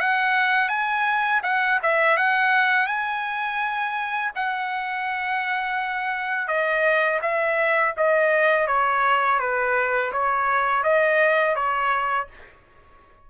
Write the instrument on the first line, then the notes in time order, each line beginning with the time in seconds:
trumpet
0.00 F#5
0.68 G#5
1.43 F#5
1.82 E5
2.17 F#5
2.87 G#5
4.35 F#5
6.47 D#5
7.21 E5
7.97 D#5
8.67 C#5
9.39 B4
10.12 C#5
10.83 D#5
11.55 C#5